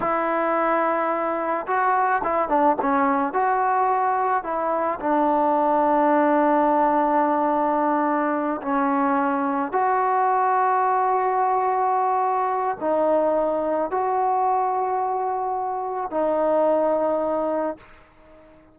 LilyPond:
\new Staff \with { instrumentName = "trombone" } { \time 4/4 \tempo 4 = 108 e'2. fis'4 | e'8 d'8 cis'4 fis'2 | e'4 d'2.~ | d'2.~ d'8 cis'8~ |
cis'4. fis'2~ fis'8~ | fis'2. dis'4~ | dis'4 fis'2.~ | fis'4 dis'2. | }